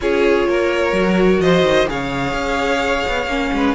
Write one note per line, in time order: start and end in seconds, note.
0.00 0.47 C#4
0.00 0.94 F4
0.00 0.48 G#4
0.00 1.41 C#5
0.47 0.92 A#3
0.47 1.41 A#4
0.92 1.39 F#3
0.92 1.87 F#4
1.39 1.62 F3
1.39 1.88 C5
1.39 1.87 D#5
1.62 1.85 D#3
1.87 2.32 C#3
1.87 3.27 G#4
1.87 3.54 C#5
1.87 3.75 F5
2.32 3.03 C#4
3.07 3.26 B3
3.26 3.50 A#3
3.26 3.75 C#4
3.53 3.75 G#3
3.53 3.75 B4